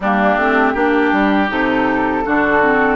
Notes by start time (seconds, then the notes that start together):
0.00 G3 A#3 D4 G4
0.36 A3 C4
0.73 A#3 D4 G4
1.12 G3
1.48 C3 D#4 A4
2.25 D3 D4 F#4
2.62 C4